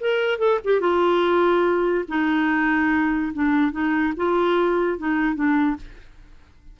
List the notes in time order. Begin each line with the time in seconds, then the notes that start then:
0.00 A#4
0.39 A4
0.64 G4
0.80 F4
2.08 D#4
3.33 D4
3.72 D#4
4.16 F4
4.98 D#4
5.35 D4